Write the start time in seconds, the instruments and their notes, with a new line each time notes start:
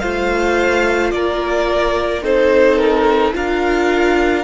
0.00 cello A3, viola F4, violin C5 F5
1.12 cello A#3, violin A#4 D5
2.22 cello C4, viola D#4, violin A4 C5
2.79 violin A#4
3.34 cello D4, viola F4, violin A#4 F5